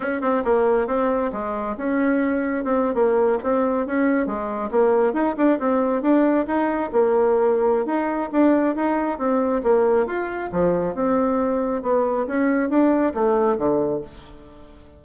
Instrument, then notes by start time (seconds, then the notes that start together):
bassoon
0.00 C#4
0.21 C4
0.44 A#3
0.87 C4
1.32 G#3
1.77 C#4
2.64 C4
2.94 A#3
3.43 C4
3.86 C#4
4.26 G#3
4.70 A#3
5.13 D#4
5.37 D4
5.59 C4
6.02 D4
6.46 D#4
6.92 A#3
7.85 D#4
8.32 D4
8.75 D#4
9.18 C4
9.63 A#3
10.06 F4
10.52 F3
10.94 C4
11.82 B3
12.26 C#4
12.69 D4
13.13 A3
13.57 D3